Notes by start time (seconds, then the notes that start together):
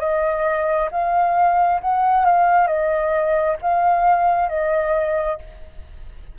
0.00 D#5
0.92 F5
1.82 F#5
2.26 F5
2.68 D#5
3.62 F5
4.49 D#5